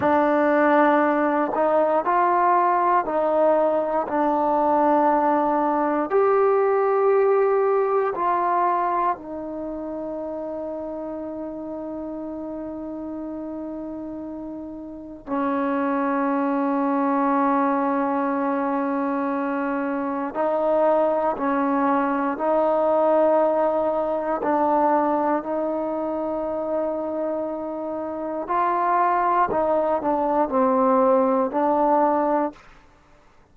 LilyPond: \new Staff \with { instrumentName = "trombone" } { \time 4/4 \tempo 4 = 59 d'4. dis'8 f'4 dis'4 | d'2 g'2 | f'4 dis'2.~ | dis'2. cis'4~ |
cis'1 | dis'4 cis'4 dis'2 | d'4 dis'2. | f'4 dis'8 d'8 c'4 d'4 | }